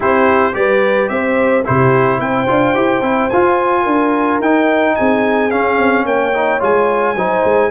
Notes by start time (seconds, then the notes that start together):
0.00 C4 E4 G4 C5
0.52 G3 G4 B4 D5
1.08 C4 C5 E5
1.64 C3 E4 G4 C5
2.19 C4 C5 G5
2.47 D4 F4
2.74 E4 G4
3.01 C4 E4
3.29 F4 G#5
3.82 D4 A#4
4.39 D#4 G5
4.95 C4 G#4 G#5
5.50 C#4 F5
5.77 C4
6.05 A#3 C#5 G5
6.33 D#4
6.59 G#3 F4 G#5
7.15 F#3 D#4 C5
7.44 G#3